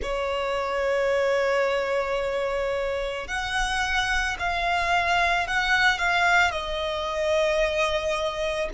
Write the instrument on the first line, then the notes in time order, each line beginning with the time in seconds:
violin
0.02 C#5
3.27 F#5
4.39 F5
5.47 F#5
5.98 F5
6.51 D#5